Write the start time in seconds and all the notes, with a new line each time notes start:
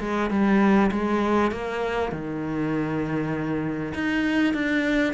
0.00 G#3
0.30 G3
0.91 G#3
1.52 A#3
2.12 D#3
3.94 D#4
4.54 D4